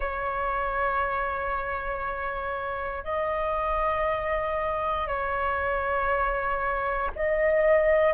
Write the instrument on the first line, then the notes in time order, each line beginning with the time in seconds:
flute
0.00 C#5
3.04 D#5
5.07 C#5
7.15 D#5